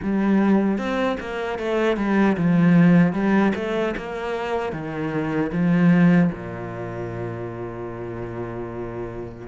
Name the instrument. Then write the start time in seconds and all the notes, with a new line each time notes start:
cello
0.02 G3
0.78 C4
1.20 A#3
1.59 A3
1.97 G3
2.37 F3
3.13 G3
3.55 A3
3.97 A#3
4.72 D#3
5.52 F3
6.32 A#2